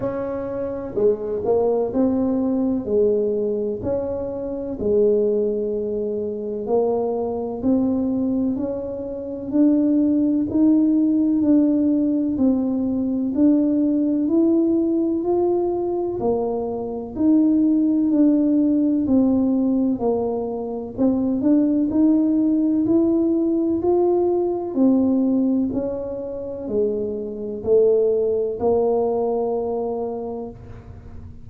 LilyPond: \new Staff \with { instrumentName = "tuba" } { \time 4/4 \tempo 4 = 63 cis'4 gis8 ais8 c'4 gis4 | cis'4 gis2 ais4 | c'4 cis'4 d'4 dis'4 | d'4 c'4 d'4 e'4 |
f'4 ais4 dis'4 d'4 | c'4 ais4 c'8 d'8 dis'4 | e'4 f'4 c'4 cis'4 | gis4 a4 ais2 | }